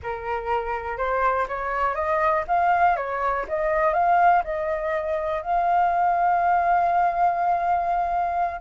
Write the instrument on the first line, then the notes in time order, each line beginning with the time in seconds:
flute
0.02 A#4
0.97 C5
1.48 C#5
1.94 D#5
2.47 F5
2.96 C#5
3.48 D#5
3.93 F5
4.44 D#5
5.42 F5